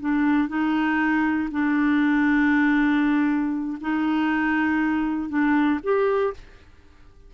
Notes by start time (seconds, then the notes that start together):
0.00 D4
0.48 D#4
1.51 D4
3.81 D#4
5.29 D4
5.83 G4